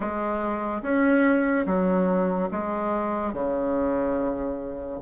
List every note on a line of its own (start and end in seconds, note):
0.00 0.81 G#3
0.82 1.65 C#4
1.66 2.49 F#3
2.51 3.33 G#3
3.33 5.00 C#3